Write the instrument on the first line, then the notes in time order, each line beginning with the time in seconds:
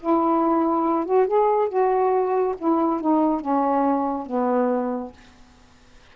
saxophone
0.00 E4
1.05 F#4
1.27 G#4
1.68 F#4
2.58 E4
3.00 D#4
3.40 C#4
4.26 B3